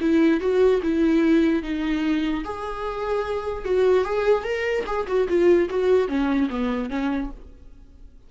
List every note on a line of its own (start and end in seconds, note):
0.00 0.40 E4
0.40 0.81 F#4
0.82 1.63 E4
1.63 2.44 D#4
2.44 3.64 G#4
3.64 4.04 F#4
4.04 4.43 G#4
4.43 4.84 A#4
4.86 5.06 G#4
5.07 5.27 F#4
5.28 5.69 F4
5.69 6.08 F#4
6.08 6.48 C#4
6.49 6.89 B3
6.89 7.30 C#4